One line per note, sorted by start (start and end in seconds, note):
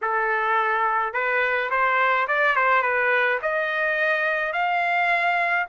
0.01 1.13 A4
1.13 1.70 B4
1.70 2.27 C5
2.27 2.55 D5
2.55 2.82 C5
2.82 3.39 B4
3.42 4.52 D#5
4.52 5.66 F5